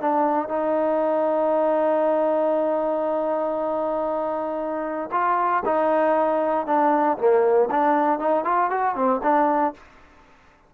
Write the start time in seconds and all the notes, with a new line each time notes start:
0.00 D4
0.48 D#4
5.12 F4
5.65 D#4
6.66 D4
7.18 A#3
7.70 D4
8.19 D#4
8.44 F4
8.70 F#4
8.95 C4
9.23 D4